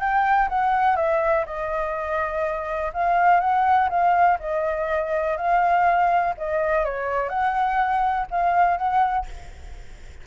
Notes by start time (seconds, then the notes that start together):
0.00 G5
0.49 F#5
0.96 E5
1.46 D#5
2.93 F5
3.40 F#5
3.89 F5
4.39 D#5
5.37 F5
6.37 D#5
6.84 C#5
7.29 F#5
8.31 F5
8.77 F#5